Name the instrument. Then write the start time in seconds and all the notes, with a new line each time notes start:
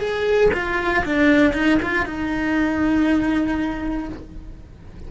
cello
0.00 G#4
0.54 F4
1.05 D4
1.54 D#4
1.83 F4
2.06 D#4